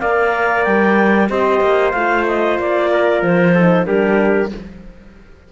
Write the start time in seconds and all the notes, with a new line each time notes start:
0.00 A#3 A#4 D5 F5
0.64 G3 G5
1.30 C4 G4 C5 D#5
1.61 A#3
1.92 A3 F4 F5
2.27 D#5
2.58 A#3 D5
2.92 A#4
3.22 F3 C5
3.55 D#4 A4
3.85 G3 D4 G4 A#4